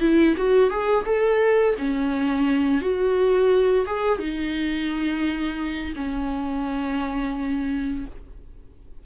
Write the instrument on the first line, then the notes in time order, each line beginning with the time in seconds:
viola
0.00 E4
0.37 F#4
0.70 G#4
1.05 A4
1.78 C#4
2.81 F#4
3.86 G#4
4.19 D#4
5.96 C#4